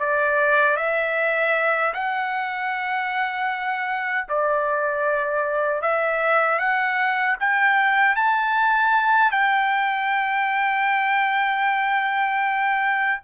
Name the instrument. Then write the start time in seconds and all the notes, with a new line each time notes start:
trumpet
0.00 D5
0.77 E5
1.94 F#5
4.29 D5
5.82 E5
6.59 F#5
7.40 G5
8.16 A5
9.32 G5